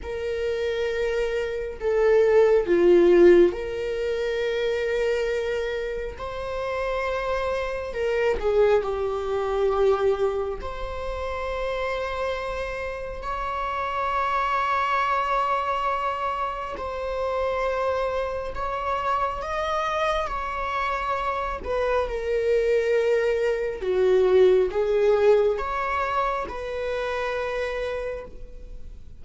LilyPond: \new Staff \with { instrumentName = "viola" } { \time 4/4 \tempo 4 = 68 ais'2 a'4 f'4 | ais'2. c''4~ | c''4 ais'8 gis'8 g'2 | c''2. cis''4~ |
cis''2. c''4~ | c''4 cis''4 dis''4 cis''4~ | cis''8 b'8 ais'2 fis'4 | gis'4 cis''4 b'2 | }